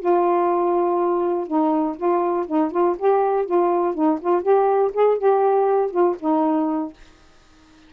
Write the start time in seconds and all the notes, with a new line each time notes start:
0.00 F4
1.48 D#4
1.97 F4
2.47 D#4
2.72 F4
2.99 G4
3.46 F4
3.95 D#4
4.21 F4
4.43 G4
4.94 G#4
5.18 G4
5.91 F4
6.20 D#4